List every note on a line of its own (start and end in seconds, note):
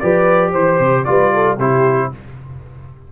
0.00 0.54 F3
0.00 1.06 G4
0.00 0.52 B4
0.00 0.52 D5
0.52 0.80 E3
0.52 1.04 C5
0.52 1.05 C5
0.80 1.06 C3
1.05 1.59 G3
1.05 1.58 F4
1.05 1.34 B4
1.05 1.57 D5
1.34 1.58 A4
1.58 2.11 C3
1.58 2.13 E4
1.58 2.10 G4
1.58 2.12 C5